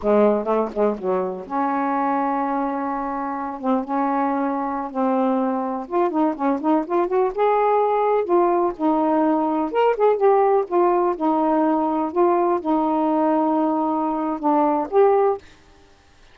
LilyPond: \new Staff \with { instrumentName = "saxophone" } { \time 4/4 \tempo 4 = 125 gis4 a8 gis8 fis4 cis'4~ | cis'2.~ cis'8 c'8 | cis'2~ cis'16 c'4.~ c'16~ | c'16 f'8 dis'8 cis'8 dis'8 f'8 fis'8 gis'8.~ |
gis'4~ gis'16 f'4 dis'4.~ dis'16~ | dis'16 ais'8 gis'8 g'4 f'4 dis'8.~ | dis'4~ dis'16 f'4 dis'4.~ dis'16~ | dis'2 d'4 g'4 | }